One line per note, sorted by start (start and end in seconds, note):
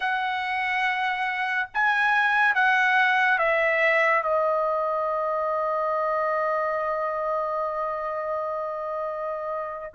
0.00 1.68 F#5
1.73 2.55 G#5
2.55 3.38 F#5
3.38 4.23 E5
4.23 9.93 D#5